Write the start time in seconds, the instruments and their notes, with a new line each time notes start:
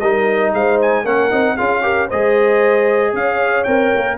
0.00 tuba G3, trombone D#4, horn A#4, trumpet D#5
0.53 tuba G#3, horn C5, trumpet F5
0.82 trumpet G#5
1.04 tuba A#3, trombone C#4, horn A#4, trumpet F#5
1.31 tuba C4, trombone D#4
1.57 tuba C#4, trombone F4, horn G#4, trumpet F5
1.82 trombone G4, horn A#4
2.08 tuba G#3, trombone G#4, horn C5, trumpet D#5
3.13 tuba C#4, horn C#5, trumpet F5
3.64 tuba C4, trombone A#4, trumpet G5
3.95 tuba A#3